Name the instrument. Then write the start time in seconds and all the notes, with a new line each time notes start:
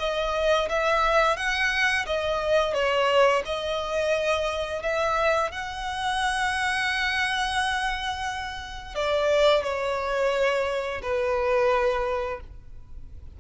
violin
0.00 D#5
0.70 E5
1.37 F#5
2.07 D#5
2.74 C#5
3.46 D#5
4.83 E5
5.52 F#5
8.95 D5
9.64 C#5
11.03 B4